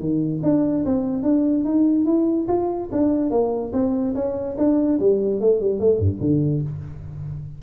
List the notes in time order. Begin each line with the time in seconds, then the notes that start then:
0.00 D#3
0.43 D4
0.86 C4
1.23 D4
1.65 D#4
2.06 E4
2.49 F4
2.93 D4
3.31 A#3
3.73 C4
4.15 C#4
4.58 D4
5.00 G3
5.41 A3
5.61 G3
5.80 A3
6.00 G2
6.21 D3